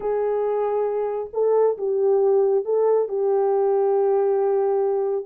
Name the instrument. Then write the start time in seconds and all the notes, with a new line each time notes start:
horn
0.00 G#4
1.33 A4
1.77 G4
2.64 A4
3.08 G4